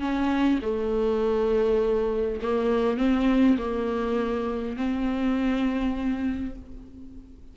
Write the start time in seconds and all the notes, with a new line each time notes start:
0.00 C#4
0.62 A3
2.42 A#3
2.98 C4
3.58 A#3
4.77 C4